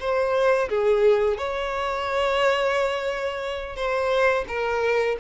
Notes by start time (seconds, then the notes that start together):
0.00 C5
0.69 G#4
1.38 C#5
3.76 C5
4.48 A#4